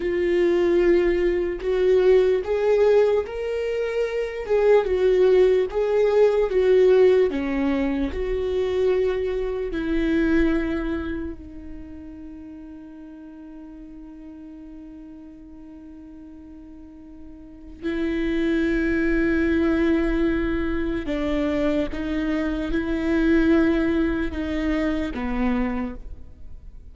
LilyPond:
\new Staff \with { instrumentName = "viola" } { \time 4/4 \tempo 4 = 74 f'2 fis'4 gis'4 | ais'4. gis'8 fis'4 gis'4 | fis'4 cis'4 fis'2 | e'2 dis'2~ |
dis'1~ | dis'2 e'2~ | e'2 d'4 dis'4 | e'2 dis'4 b4 | }